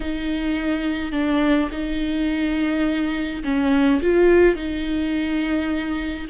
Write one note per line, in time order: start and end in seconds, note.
0.00 1.12 D#4
1.12 1.69 D4
1.71 3.43 D#4
3.44 4.01 C#4
4.02 4.55 F4
4.55 6.27 D#4